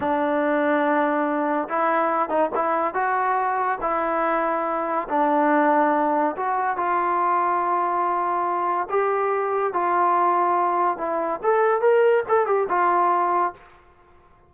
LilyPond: \new Staff \with { instrumentName = "trombone" } { \time 4/4 \tempo 4 = 142 d'1 | e'4. dis'8 e'4 fis'4~ | fis'4 e'2. | d'2. fis'4 |
f'1~ | f'4 g'2 f'4~ | f'2 e'4 a'4 | ais'4 a'8 g'8 f'2 | }